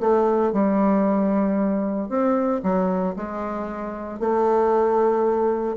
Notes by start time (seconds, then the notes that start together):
0.00 A3
0.52 G3
2.09 C4
2.63 F#3
3.16 G#3
4.20 A3